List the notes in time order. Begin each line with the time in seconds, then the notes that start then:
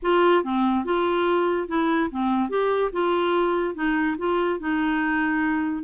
0.02 F4
0.43 C4
0.84 F4
1.68 E4
2.10 C4
2.49 G4
2.92 F4
3.74 D#4
4.18 F4
4.59 D#4